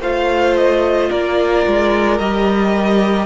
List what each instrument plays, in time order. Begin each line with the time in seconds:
0.00 cello A3, viola F4, violin C5 F5
0.56 violin D#5
1.10 cello A#3, violin A#4 D5
1.66 cello G#3
2.18 cello G3, viola G4, violin D#5